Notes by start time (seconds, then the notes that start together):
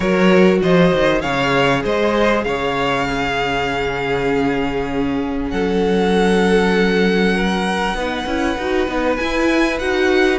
0.00 F#3 F#4 A#4 C#5
0.62 F3 C5 D#5
0.93 D#3
1.21 C#3 G#4 C#5 F5
1.83 G#3 C5 D#5
2.43 C#3 C#5 F5
3.07 C#4 G#4
5.49 F#3 A4 F#5
7.35 A#4
7.94 B3 D#4 B4
8.26 C#4 E4
8.57 D#4 F#4
8.88 B3 D#4
9.16 E4 G#5
9.78 D#4 F#4 F#5